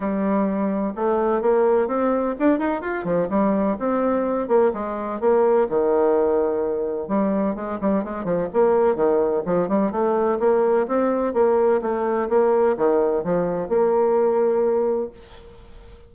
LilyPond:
\new Staff \with { instrumentName = "bassoon" } { \time 4/4 \tempo 4 = 127 g2 a4 ais4 | c'4 d'8 dis'8 f'8 f8 g4 | c'4. ais8 gis4 ais4 | dis2. g4 |
gis8 g8 gis8 f8 ais4 dis4 | f8 g8 a4 ais4 c'4 | ais4 a4 ais4 dis4 | f4 ais2. | }